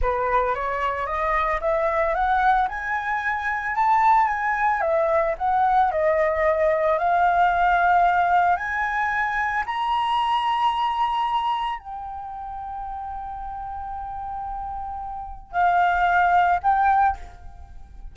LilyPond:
\new Staff \with { instrumentName = "flute" } { \time 4/4 \tempo 4 = 112 b'4 cis''4 dis''4 e''4 | fis''4 gis''2 a''4 | gis''4 e''4 fis''4 dis''4~ | dis''4 f''2. |
gis''2 ais''2~ | ais''2 g''2~ | g''1~ | g''4 f''2 g''4 | }